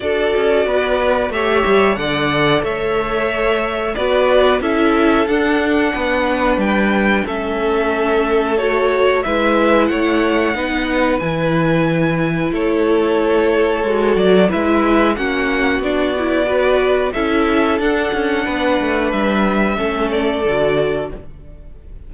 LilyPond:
<<
  \new Staff \with { instrumentName = "violin" } { \time 4/4 \tempo 4 = 91 d''2 e''4 fis''4 | e''2 d''4 e''4 | fis''2 g''4 e''4~ | e''4 cis''4 e''4 fis''4~ |
fis''4 gis''2 cis''4~ | cis''4. d''8 e''4 fis''4 | d''2 e''4 fis''4~ | fis''4 e''4. d''4. | }
  \new Staff \with { instrumentName = "violin" } { \time 4/4 a'4 b'4 cis''4 d''4 | cis''2 b'4 a'4~ | a'4 b'2 a'4~ | a'2 b'4 cis''4 |
b'2. a'4~ | a'2 b'4 fis'4~ | fis'4 b'4 a'2 | b'2 a'2 | }
  \new Staff \with { instrumentName = "viola" } { \time 4/4 fis'2 g'4 a'4~ | a'2 fis'4 e'4 | d'2. cis'4~ | cis'4 fis'4 e'2 |
dis'4 e'2.~ | e'4 fis'4 e'4 cis'4 | d'8 e'8 fis'4 e'4 d'4~ | d'2 cis'4 fis'4 | }
  \new Staff \with { instrumentName = "cello" } { \time 4/4 d'8 cis'8 b4 a8 g8 d4 | a2 b4 cis'4 | d'4 b4 g4 a4~ | a2 gis4 a4 |
b4 e2 a4~ | a4 gis8 fis8 gis4 ais4 | b2 cis'4 d'8 cis'8 | b8 a8 g4 a4 d4 | }
>>